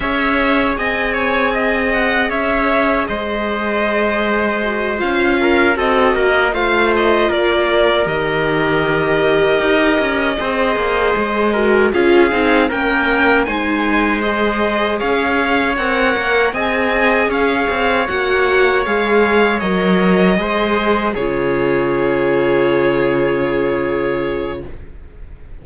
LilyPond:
<<
  \new Staff \with { instrumentName = "violin" } { \time 4/4 \tempo 4 = 78 e''4 gis''4. fis''8 e''4 | dis''2~ dis''8 f''4 dis''8~ | dis''8 f''8 dis''8 d''4 dis''4.~ | dis''2.~ dis''8 f''8~ |
f''8 g''4 gis''4 dis''4 f''8~ | f''8 fis''4 gis''4 f''4 fis''8~ | fis''8 f''4 dis''2 cis''8~ | cis''1 | }
  \new Staff \with { instrumentName = "trumpet" } { \time 4/4 cis''4 dis''8 cis''8 dis''4 cis''4 | c''2. ais'8 a'8 | ais'8 c''4 ais'2~ ais'8~ | ais'4. c''4. ais'8 gis'8~ |
gis'8 ais'4 c''2 cis''8~ | cis''4. dis''4 cis''4.~ | cis''2~ cis''8 c''4 gis'8~ | gis'1 | }
  \new Staff \with { instrumentName = "viola" } { \time 4/4 gis'1~ | gis'2 fis'8 f'4 fis'8~ | fis'8 f'2 g'4.~ | g'4. gis'4. fis'8 f'8 |
dis'8 cis'4 dis'4 gis'4.~ | gis'8 ais'4 gis'2 fis'8~ | fis'8 gis'4 ais'4 gis'4 f'8~ | f'1 | }
  \new Staff \with { instrumentName = "cello" } { \time 4/4 cis'4 c'2 cis'4 | gis2~ gis8 cis'4 c'8 | ais8 a4 ais4 dis4.~ | dis8 dis'8 cis'8 c'8 ais8 gis4 cis'8 |
c'8 ais4 gis2 cis'8~ | cis'8 c'8 ais8 c'4 cis'8 c'8 ais8~ | ais8 gis4 fis4 gis4 cis8~ | cis1 | }
>>